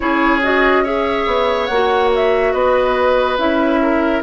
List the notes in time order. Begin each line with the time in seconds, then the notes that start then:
0.00 C#4 E4 G#4 C#5
0.42 F#4 D#5
0.83 G#4 C#5 E5
1.26 B3
1.66 A#3 F#4 F#5
2.15 E5
2.52 B3 B4 D#5
3.38 C#4 E4 E5
3.82 A#4